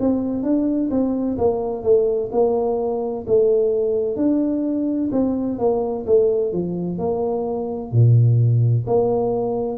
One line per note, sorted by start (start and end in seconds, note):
0.00 0.43 C4
0.43 0.90 D4
0.91 1.38 C4
1.38 1.83 A#3
1.83 2.30 A3
2.32 3.26 A#3
3.27 4.16 A3
4.16 5.10 D4
5.12 5.59 C4
5.59 6.06 A#3
6.06 6.53 A3
6.53 6.98 F3
6.98 7.92 A#3
7.92 8.86 A#2
8.87 9.78 A#3